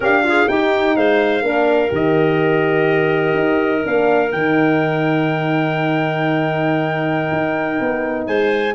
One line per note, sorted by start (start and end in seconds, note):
0.00 0.46 D4
0.00 0.23 G4
0.00 0.19 A#4
0.00 0.48 F5
0.23 0.47 F4
0.23 0.50 G#4
0.48 1.43 D#4
0.48 0.96 D#4
0.48 0.96 G4
0.48 0.96 G5
0.96 1.42 G#3
0.96 1.44 C5
0.96 1.92 F5
1.42 1.90 A#3
1.42 1.88 D4
1.42 8.27 A#4
1.88 3.34 D#3
1.88 3.80 G4
1.88 3.86 D#5
3.34 3.82 D#4
3.84 4.33 A#3
3.84 4.32 D4
3.84 4.31 F5
4.31 7.31 D#3
4.31 8.75 D#4
4.31 8.26 G5
7.31 7.79 D#4
7.80 8.27 B3
8.26 8.75 G#3
8.26 8.75 C5
8.26 8.74 G#5